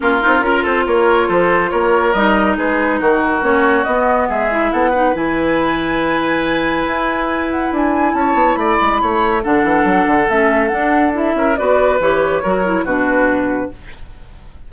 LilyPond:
<<
  \new Staff \with { instrumentName = "flute" } { \time 4/4 \tempo 4 = 140 ais'4. c''8 cis''4 c''4 | cis''4 dis''4 b'4 ais'4 | cis''4 dis''4 e''4 fis''4 | gis''1~ |
gis''4. fis''8 gis''4 a''4 | b''2 fis''2 | e''4 fis''4 e''4 d''4 | cis''2 b'2 | }
  \new Staff \with { instrumentName = "oboe" } { \time 4/4 f'4 ais'8 a'8 ais'4 a'4 | ais'2 gis'4 fis'4~ | fis'2 gis'4 a'8 b'8~ | b'1~ |
b'2. cis''4 | d''4 cis''4 a'2~ | a'2~ a'8 ais'8 b'4~ | b'4 ais'4 fis'2 | }
  \new Staff \with { instrumentName = "clarinet" } { \time 4/4 cis'8 dis'8 f'2.~ | f'4 dis'2. | cis'4 b4. e'4 dis'8 | e'1~ |
e'1~ | e'2 d'2 | cis'4 d'4 e'4 fis'4 | g'4 fis'8 e'8 d'2 | }
  \new Staff \with { instrumentName = "bassoon" } { \time 4/4 ais8 c'8 cis'8 c'8 ais4 f4 | ais4 g4 gis4 dis4 | ais4 b4 gis4 b4 | e1 |
e'2 d'4 cis'8 b8 | a8 gis8 a4 d8 e8 fis8 d8 | a4 d'4. cis'8 b4 | e4 fis4 b,2 | }
>>